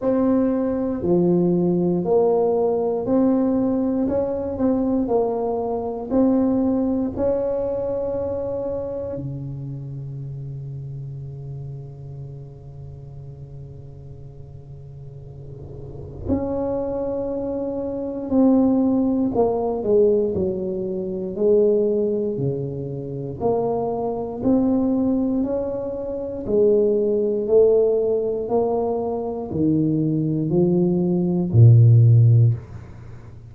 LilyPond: \new Staff \with { instrumentName = "tuba" } { \time 4/4 \tempo 4 = 59 c'4 f4 ais4 c'4 | cis'8 c'8 ais4 c'4 cis'4~ | cis'4 cis2.~ | cis1 |
cis'2 c'4 ais8 gis8 | fis4 gis4 cis4 ais4 | c'4 cis'4 gis4 a4 | ais4 dis4 f4 ais,4 | }